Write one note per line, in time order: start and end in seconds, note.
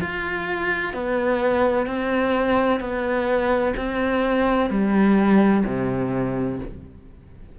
0.00 0.93 F4
0.93 1.86 B3
1.86 2.80 C4
2.80 3.74 B3
3.76 4.70 C4
4.70 5.63 G3
5.65 6.58 C3